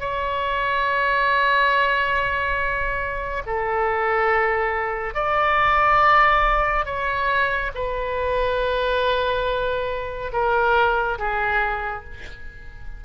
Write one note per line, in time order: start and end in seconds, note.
0.00 3.43 C#5
3.46 5.14 A4
5.14 6.85 D5
6.85 7.71 C#5
7.75 10.32 B4
10.32 11.18 A#4
11.19 12.04 G#4